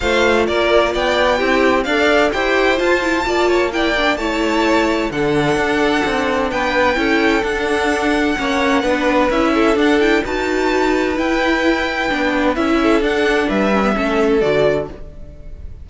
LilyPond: <<
  \new Staff \with { instrumentName = "violin" } { \time 4/4 \tempo 4 = 129 f''4 d''4 g''2 | f''4 g''4 a''2 | g''4 a''2 fis''4~ | fis''2 g''2 |
fis''1 | e''4 fis''8 g''8 a''2 | g''2. e''4 | fis''4 e''2 d''4 | }
  \new Staff \with { instrumentName = "violin" } { \time 4/4 c''4 ais'4 d''4 g'4 | d''4 c''2 d''8 cis''8 | d''4 cis''2 a'4~ | a'2 b'4 a'4~ |
a'2 cis''4 b'4~ | b'8 a'4. b'2~ | b'2.~ b'8 a'8~ | a'4 b'4 a'2 | }
  \new Staff \with { instrumentName = "viola" } { \time 4/4 f'2. e'4 | a'4 g'4 f'8 e'8 f'4 | e'8 d'8 e'2 d'4~ | d'2. e'4 |
d'2 cis'4 d'4 | e'4 d'8 e'8 fis'2 | e'2 d'4 e'4 | d'4. cis'16 b16 cis'4 fis'4 | }
  \new Staff \with { instrumentName = "cello" } { \time 4/4 a4 ais4 b4 c'4 | d'4 e'4 f'4 ais4~ | ais4 a2 d4 | d'4 c'4 b4 cis'4 |
d'2 ais4 b4 | cis'4 d'4 dis'2 | e'2 b4 cis'4 | d'4 g4 a4 d4 | }
>>